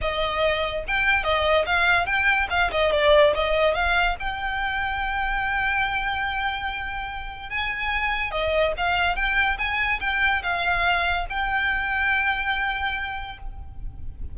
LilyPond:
\new Staff \with { instrumentName = "violin" } { \time 4/4 \tempo 4 = 144 dis''2 g''4 dis''4 | f''4 g''4 f''8 dis''8 d''4 | dis''4 f''4 g''2~ | g''1~ |
g''2 gis''2 | dis''4 f''4 g''4 gis''4 | g''4 f''2 g''4~ | g''1 | }